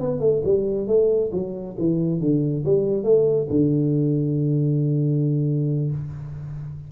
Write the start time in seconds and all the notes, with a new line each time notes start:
0.00 B3
0.20 A3
0.44 G3
0.87 A3
1.33 F#3
1.78 E3
2.20 D3
2.65 G3
3.04 A3
3.50 D3